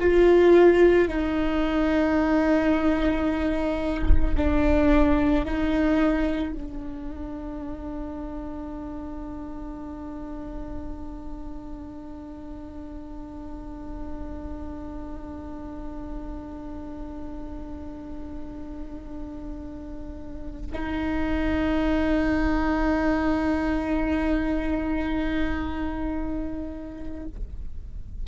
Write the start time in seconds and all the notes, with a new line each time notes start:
0.00 F4
1.08 D#4
4.36 D4
5.45 D#4
6.53 D4
20.72 D#4